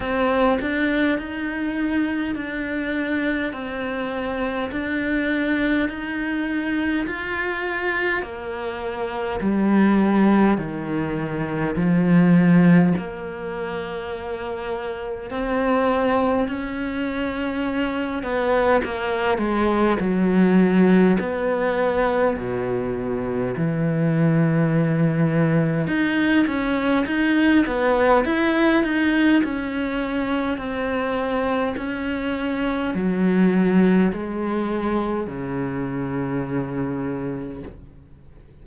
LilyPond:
\new Staff \with { instrumentName = "cello" } { \time 4/4 \tempo 4 = 51 c'8 d'8 dis'4 d'4 c'4 | d'4 dis'4 f'4 ais4 | g4 dis4 f4 ais4~ | ais4 c'4 cis'4. b8 |
ais8 gis8 fis4 b4 b,4 | e2 dis'8 cis'8 dis'8 b8 | e'8 dis'8 cis'4 c'4 cis'4 | fis4 gis4 cis2 | }